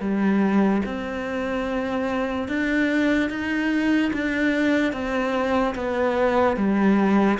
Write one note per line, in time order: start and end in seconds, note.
0.00 0.82 G3
0.86 2.48 C4
2.48 3.30 D4
3.30 4.12 D#4
4.14 4.93 D4
4.93 5.75 C4
5.75 6.57 B3
6.57 7.39 G3